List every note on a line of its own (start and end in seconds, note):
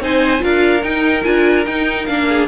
0.00 0.41 C4
0.00 0.39 D#4
0.00 0.43 C5
0.00 0.43 G#5
0.39 0.83 D4
0.39 0.80 F4
0.39 2.28 A#4
0.39 0.83 F5
0.83 1.24 D#4
0.83 1.23 D#4
0.83 1.24 G5
1.23 1.66 D4
1.23 1.64 F4
1.23 1.65 G#5
1.65 2.07 D#4
1.65 2.08 D#4
1.65 2.06 G5
2.06 2.48 A#3
2.06 2.48 D4
2.06 2.47 F5
2.28 2.48 G#4